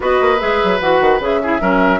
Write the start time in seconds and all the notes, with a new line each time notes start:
0.00 B3 F#4 B4 D#5
0.21 A#3
0.39 G#3 G#4 E5
0.63 F#3
0.80 E3 F#4 F#5
1.01 D#3
1.19 C#3 G#4 E5
1.42 E4 G#4
1.59 F#3 C#4 A#4